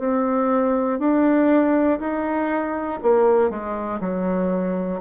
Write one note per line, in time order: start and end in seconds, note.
0.00 1.00 C4
1.00 2.00 D4
2.00 3.00 D#4
3.03 3.51 A#3
3.51 4.01 G#3
4.01 5.01 F#3